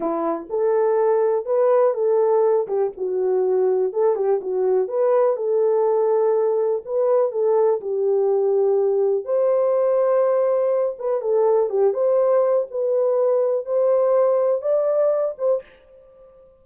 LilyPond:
\new Staff \with { instrumentName = "horn" } { \time 4/4 \tempo 4 = 123 e'4 a'2 b'4 | a'4. g'8 fis'2 | a'8 g'8 fis'4 b'4 a'4~ | a'2 b'4 a'4 |
g'2. c''4~ | c''2~ c''8 b'8 a'4 | g'8 c''4. b'2 | c''2 d''4. c''8 | }